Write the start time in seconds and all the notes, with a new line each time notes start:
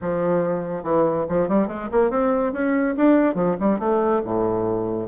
0.01 F3
0.83 E3
1.28 F3
1.48 G3
1.67 G#3
1.91 A#3
2.10 C4
2.52 C#4
2.96 D4
3.34 F3
3.60 G3
3.79 A3
4.24 A2